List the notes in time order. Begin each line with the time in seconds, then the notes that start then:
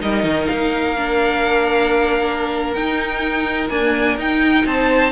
0.00 G3 D#4 A#4 D#5
0.23 D#3
0.47 A#3 F5
0.96 D4
2.73 D#4 G5
3.69 A#3 D4 G#5
4.17 D#4 G5
4.65 C4 C5 A5